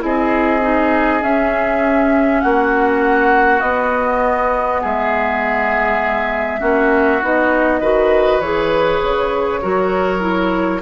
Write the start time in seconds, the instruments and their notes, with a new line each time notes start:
0.00 bassoon C4, clarinet E4, oboe G#4, flute D#5
0.62 clarinet D#4
1.21 clarinet C#4, bassoon C#4, flute E5
2.41 bassoon A#3, oboe F#4, flute F#5
3.61 bassoon B3, clarinet B3, flute D#5
4.82 bassoon G#3, oboe G#4, flute E5
6.60 bassoon A#3, clarinet C#4, oboe F#4
7.23 bassoon B3, clarinet D#4, flute D#5
7.81 bassoon D#3, clarinet F#4, oboe B4
8.40 bassoon E3, clarinet G#4, flute C#5
9.03 bassoon C#3
9.62 bassoon F#3, clarinet F#4, oboe A#4
10.20 clarinet E4